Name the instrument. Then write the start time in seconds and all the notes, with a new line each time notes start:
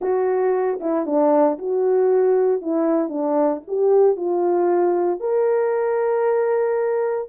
horn
0.01 F#4
0.80 E4
1.06 D4
1.58 F#4
2.61 E4
3.09 D4
3.67 G4
4.16 F4
5.20 A#4